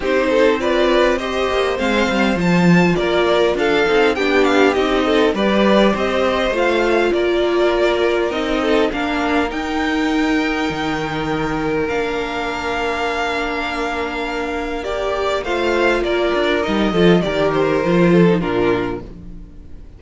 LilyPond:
<<
  \new Staff \with { instrumentName = "violin" } { \time 4/4 \tempo 4 = 101 c''4 d''4 dis''4 f''4 | a''4 d''4 f''4 g''8 f''8 | dis''4 d''4 dis''4 f''4 | d''2 dis''4 f''4 |
g''1 | f''1~ | f''4 d''4 f''4 d''4 | dis''4 d''8 c''4. ais'4 | }
  \new Staff \with { instrumentName = "violin" } { \time 4/4 g'8 a'8 b'4 c''2~ | c''4 ais'4 a'4 g'4~ | g'8 a'8 b'4 c''2 | ais'2~ ais'8 a'8 ais'4~ |
ais'1~ | ais'1~ | ais'2 c''4 ais'4~ | ais'8 a'8 ais'4. a'8 f'4 | }
  \new Staff \with { instrumentName = "viola" } { \time 4/4 dis'4 f'4 g'4 c'4 | f'2~ f'8 dis'8 d'4 | dis'4 g'2 f'4~ | f'2 dis'4 d'4 |
dis'1 | d'1~ | d'4 g'4 f'2 | dis'8 f'8 g'4 f'8. dis'16 d'4 | }
  \new Staff \with { instrumentName = "cello" } { \time 4/4 c'2~ c'8 ais8 gis8 g8 | f4 ais4 d'8 c'8 b4 | c'4 g4 c'4 a4 | ais2 c'4 ais4 |
dis'2 dis2 | ais1~ | ais2 a4 ais8 d'8 | g8 f8 dis4 f4 ais,4 | }
>>